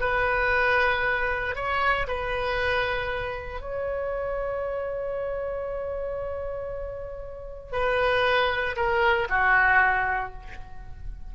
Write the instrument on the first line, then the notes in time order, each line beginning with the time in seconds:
oboe
0.00 B4
1.55 C#5
2.07 B4
3.60 C#5
7.72 B4
8.76 A#4
9.29 F#4